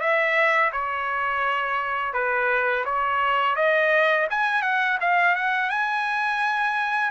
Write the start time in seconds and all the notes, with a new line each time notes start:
0.00 E5
0.72 C#5
2.13 B4
2.85 C#5
3.56 D#5
4.30 G#5
4.62 F#5
5.01 F5
5.35 F#5
5.70 G#5